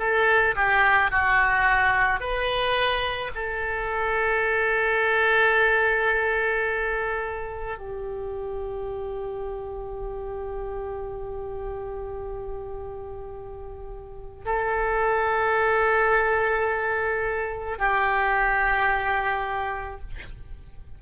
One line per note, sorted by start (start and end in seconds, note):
0.00 0.56 A4
0.56 1.12 G4
1.12 2.20 F#4
2.20 3.31 B4
3.35 7.78 A4
7.78 14.45 G4
14.45 17.79 A4
17.79 20.01 G4